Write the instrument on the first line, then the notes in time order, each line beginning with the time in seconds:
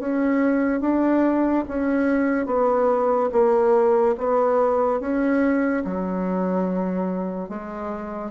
bassoon
0.00 C#4
0.81 D4
1.69 C#4
2.47 B3
3.33 A#3
4.18 B3
5.00 C#4
5.85 F#3
7.49 G#3